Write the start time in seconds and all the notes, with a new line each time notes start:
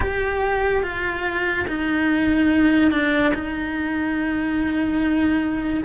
0.00 G4
0.82 F4
1.67 D#4
2.91 D4
3.34 D#4